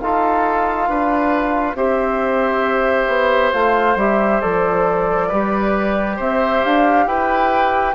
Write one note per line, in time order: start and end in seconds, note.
0.00 0.88 D#4
0.00 1.77 F4
0.00 0.89 A4
0.00 1.76 F5
0.88 1.75 D4
0.88 1.77 B4
1.75 3.07 C4
1.75 3.53 G4
1.75 5.28 C5
1.75 3.53 E5
3.08 3.52 B3
3.53 3.96 A3
3.53 3.97 F4
3.53 3.97 F5
3.96 4.40 G3
3.96 4.41 G4
3.96 4.41 E5
4.41 5.31 F3
4.41 5.30 A4
4.41 6.17 D5
5.28 6.19 G3
5.28 7.95 G4
5.28 6.16 B4
6.16 6.63 C4
6.16 7.05 C5
6.16 6.64 E5
6.64 7.06 D4
6.64 7.07 F5
7.06 7.95 E4
7.06 7.95 B4
7.06 7.95 G5